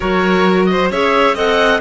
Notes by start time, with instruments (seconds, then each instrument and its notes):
0.00 cello F#3, clarinet F#4, violin A#4, oboe C#5
0.65 violin C5, oboe D#5
0.91 cello C#4, clarinet G#4, violin C#5, oboe E5
1.34 cello C4, clarinet A4, violin D#5, oboe F#5